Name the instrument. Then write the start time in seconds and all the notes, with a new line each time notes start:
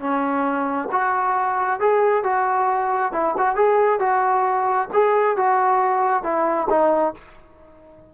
trombone
0.00 C#4
0.92 F#4
1.80 G#4
2.23 F#4
3.12 E4
3.37 F#4
3.56 G#4
3.99 F#4
4.93 G#4
5.37 F#4
6.23 E4
6.69 D#4